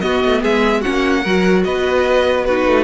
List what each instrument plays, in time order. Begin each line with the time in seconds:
0.00 viola B3, cello B3, violin F#4 D#5
0.24 cello A3
0.42 cello G#3, violin G#4 E5
0.81 viola C#4, violin F#4 F#5
0.87 cello A#3
1.22 cello F#3, viola F#4, violin A#4
1.64 cello B3, violin B4 D#5
2.44 viola D#4, violin F#4 B4
2.66 cello A3